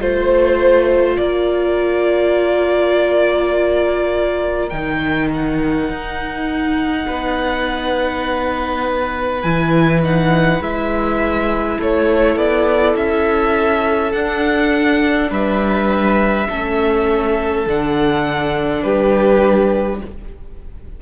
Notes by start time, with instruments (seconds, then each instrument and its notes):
0.00 cello A3, viola F4, violin C5
1.17 cello A#3, violin A#4 D5
4.70 cello D#3, viola D#4, violin G5
5.34 violin F#5
5.89 cello D#4
7.08 cello B3, violin B4
9.42 cello E3, viola E4, violin G#5
10.03 viola D#4, violin F#5
10.61 cello G#3, viola E4, violin E5
11.78 cello A3, violin A4 C#5
12.36 cello B3, violin D5
12.96 cello C#4, violin E5
14.12 cello D4, viola D4, violin F#5
15.30 cello G3, violin B4 E5
16.49 cello A3, viola C#4, violin A4
17.67 cello D3, viola D4, violin F#5
18.83 cello G3, violin G4 B4